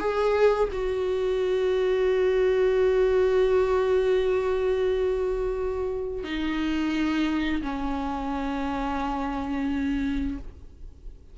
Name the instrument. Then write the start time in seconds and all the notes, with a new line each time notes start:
viola
0.00 G#4
0.72 F#4
6.24 D#4
7.62 C#4